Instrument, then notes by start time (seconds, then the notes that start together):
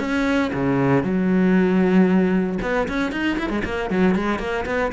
cello
0.00 C#4
0.54 C#3
1.04 F#3
2.62 B3
2.88 C#4
3.12 D#4
3.39 E4
3.50 G#3
3.65 A#3
3.90 F#3
4.15 G#3
4.39 A#3
4.66 B3